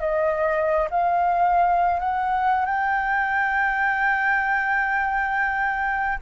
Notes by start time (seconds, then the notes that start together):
0.00 D#5
0.90 F5
1.99 F#5
2.65 G5